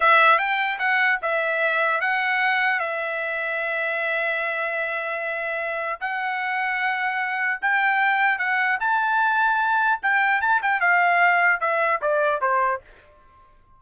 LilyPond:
\new Staff \with { instrumentName = "trumpet" } { \time 4/4 \tempo 4 = 150 e''4 g''4 fis''4 e''4~ | e''4 fis''2 e''4~ | e''1~ | e''2. fis''4~ |
fis''2. g''4~ | g''4 fis''4 a''2~ | a''4 g''4 a''8 g''8 f''4~ | f''4 e''4 d''4 c''4 | }